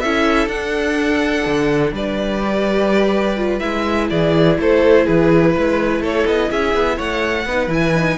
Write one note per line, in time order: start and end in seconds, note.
0.00 0.47 C#4
0.00 0.51 E4
0.00 1.94 A4
0.00 0.48 E5
0.47 1.43 D4
0.47 2.43 D4
0.47 1.93 F#5
1.46 1.93 D3
1.93 3.61 G3
1.93 4.11 B4
1.93 3.60 D5
2.44 3.37 G4
3.37 3.61 F4
3.60 4.11 G#3
3.60 7.45 E4
3.60 4.08 E5
4.11 4.59 E3
4.11 4.59 G#4
4.11 4.58 D5
4.59 5.07 A3
4.59 5.05 A4
4.59 5.07 C5
5.05 5.56 E3
5.05 5.53 G#4
5.05 6.03 B4
5.55 6.01 G#3
5.55 6.02 B4
6.01 6.25 A3
6.01 6.50 A4
6.01 6.28 C#5
6.27 6.51 B3
6.27 6.51 D#5
6.51 6.75 C#4
6.51 6.97 G#4
6.51 6.99 E5
6.75 6.99 B3
6.97 7.46 A3
6.97 7.45 C#5
6.97 7.71 F#5
7.46 7.68 B3
7.46 7.69 D#4
7.46 8.19 B4
7.68 8.16 E3
7.68 7.93 E4
7.68 8.19 G#5
7.95 8.19 D#4